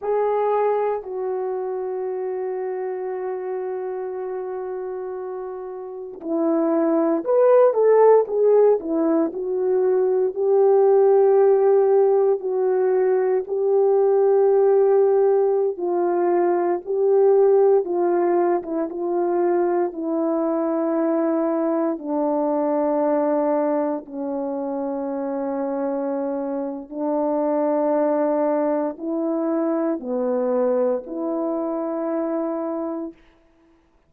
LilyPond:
\new Staff \with { instrumentName = "horn" } { \time 4/4 \tempo 4 = 58 gis'4 fis'2.~ | fis'2 e'4 b'8 a'8 | gis'8 e'8 fis'4 g'2 | fis'4 g'2~ g'16 f'8.~ |
f'16 g'4 f'8. e'16 f'4 e'8.~ | e'4~ e'16 d'2 cis'8.~ | cis'2 d'2 | e'4 b4 e'2 | }